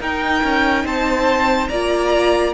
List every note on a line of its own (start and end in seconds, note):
0.00 0.43 D#4
0.00 1.71 D#4
0.00 0.85 A#4
0.00 0.87 G5
0.44 0.84 C#4
0.84 1.69 C4
0.84 1.70 C5
0.84 1.68 A5
1.68 2.55 A#3
1.68 2.55 F4
1.68 2.54 D5
1.68 2.53 A#5